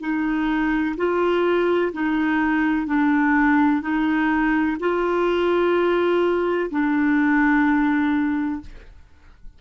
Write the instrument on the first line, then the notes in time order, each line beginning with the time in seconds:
clarinet
0.00 D#4
0.97 F4
1.93 D#4
2.87 D4
3.82 D#4
4.80 F4
6.71 D4